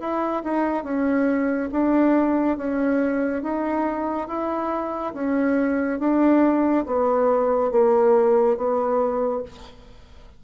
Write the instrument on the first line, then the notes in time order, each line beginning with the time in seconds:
bassoon
0.00 E4
0.44 D#4
0.84 C#4
1.72 D4
2.58 C#4
3.43 D#4
4.28 E4
5.14 C#4
6.00 D4
6.86 B3
7.72 A#3
8.57 B3